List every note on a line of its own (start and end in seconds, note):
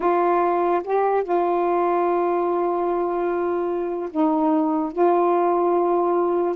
0.00 0.81 F4
0.84 1.23 G4
1.23 4.09 F4
4.10 4.92 D#4
4.92 6.55 F4